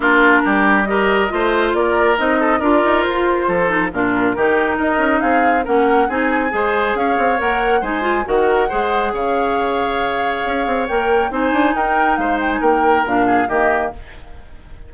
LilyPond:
<<
  \new Staff \with { instrumentName = "flute" } { \time 4/4 \tempo 4 = 138 ais'2 dis''2 | d''4 dis''4 d''4 c''4~ | c''4 ais'2 dis''4 | f''4 fis''4 gis''2 |
f''4 fis''4 gis''4 fis''4~ | fis''4 f''2.~ | f''4 g''4 gis''4 g''4 | f''8 g''16 gis''16 g''4 f''4 dis''4 | }
  \new Staff \with { instrumentName = "oboe" } { \time 4/4 f'4 g'4 ais'4 c''4 | ais'4. a'8 ais'2 | a'4 f'4 g'4 ais'4 | gis'4 ais'4 gis'4 c''4 |
cis''2 c''4 ais'4 | c''4 cis''2.~ | cis''2 c''4 ais'4 | c''4 ais'4. gis'8 g'4 | }
  \new Staff \with { instrumentName = "clarinet" } { \time 4/4 d'2 g'4 f'4~ | f'4 dis'4 f'2~ | f'8 dis'8 d'4 dis'2~ | dis'4 cis'4 dis'4 gis'4~ |
gis'4 ais'4 dis'8 f'8 fis'4 | gis'1~ | gis'4 ais'4 dis'2~ | dis'2 d'4 ais4 | }
  \new Staff \with { instrumentName = "bassoon" } { \time 4/4 ais4 g2 a4 | ais4 c'4 d'8 dis'8 f'4 | f4 ais,4 dis4 dis'8 cis'8 | c'4 ais4 c'4 gis4 |
cis'8 c'8 ais4 gis4 dis4 | gis4 cis2. | cis'8 c'8 ais4 c'8 d'8 dis'4 | gis4 ais4 ais,4 dis4 | }
>>